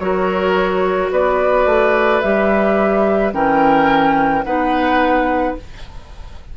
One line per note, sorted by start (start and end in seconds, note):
0.00 1.11 F#3
0.00 2.23 F#4
0.00 1.12 A#4
0.00 1.11 C#5
1.11 1.66 B3
1.11 3.35 B4
1.11 2.22 D5
1.66 2.22 A3
2.22 3.34 G3
2.22 3.34 G4
2.22 3.33 E5
3.34 4.45 E3
3.34 4.45 C#4
3.34 4.46 A#4
3.34 4.45 G5
4.45 5.56 B3
4.45 5.57 D#4
4.45 5.57 B4
4.45 5.56 F#5